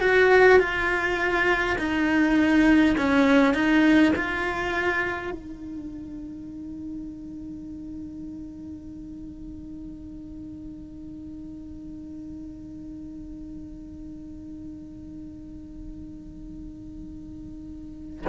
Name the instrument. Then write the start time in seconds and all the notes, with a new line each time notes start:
cello
0.00 F#4
0.59 F4
1.78 D#4
2.97 C#4
3.54 D#4
4.16 F4
5.30 D#4